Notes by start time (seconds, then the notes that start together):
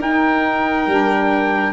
0.00 D#4 A#4 G5
0.87 G3 D4